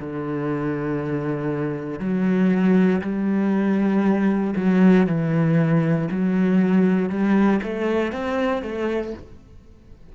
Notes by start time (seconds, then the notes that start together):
0.00 D3
1.99 F#3
3.01 G3
4.56 F#3
5.06 E3
6.11 F#3
7.09 G3
7.63 A3
8.12 C4
8.62 A3